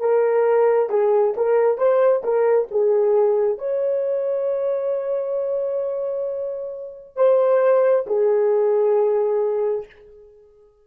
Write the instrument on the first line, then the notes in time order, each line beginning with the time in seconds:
horn
0.00 A#4
0.90 G#4
1.37 A#4
1.78 C5
2.23 A#4
2.71 G#4
3.58 C#5
7.16 C5
8.07 G#4